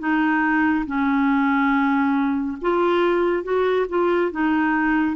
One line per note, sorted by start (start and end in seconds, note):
0.00 0.86 D#4
0.86 2.58 C#4
2.62 3.44 F4
3.44 3.87 F#4
3.90 4.32 F4
4.32 5.17 D#4